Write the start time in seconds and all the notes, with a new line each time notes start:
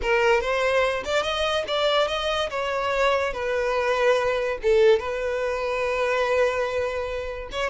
0.02 A#4
0.41 C5
1.04 D5
1.23 D#5
1.67 D5
2.07 D#5
2.49 C#5
3.33 B4
4.62 A4
4.99 B4
7.51 C#5